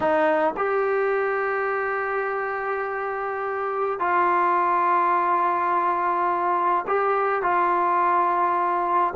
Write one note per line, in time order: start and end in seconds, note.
0.00 0.54 D#4
0.56 3.99 G4
3.99 6.85 F4
6.87 7.42 G4
7.42 9.14 F4